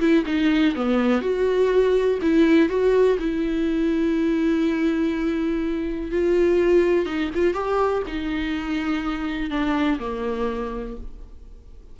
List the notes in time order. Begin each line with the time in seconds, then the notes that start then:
0.00 E4
0.26 D#4
0.75 B3
1.22 F#4
2.22 E4
2.69 F#4
3.19 E4
6.12 F4
7.06 D#4
7.35 F4
7.54 G4
8.07 D#4
9.50 D4
10.00 A#3